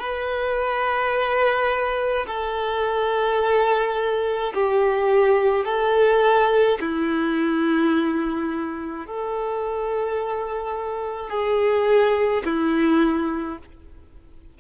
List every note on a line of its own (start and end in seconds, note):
0.00 2.26 B4
2.27 4.54 A4
4.54 5.66 G4
5.66 6.79 A4
6.81 9.07 E4
9.07 11.30 A4
11.30 12.43 G#4
12.45 13.58 E4